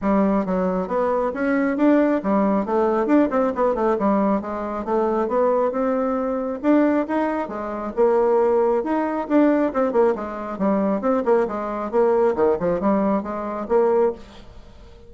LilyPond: \new Staff \with { instrumentName = "bassoon" } { \time 4/4 \tempo 4 = 136 g4 fis4 b4 cis'4 | d'4 g4 a4 d'8 c'8 | b8 a8 g4 gis4 a4 | b4 c'2 d'4 |
dis'4 gis4 ais2 | dis'4 d'4 c'8 ais8 gis4 | g4 c'8 ais8 gis4 ais4 | dis8 f8 g4 gis4 ais4 | }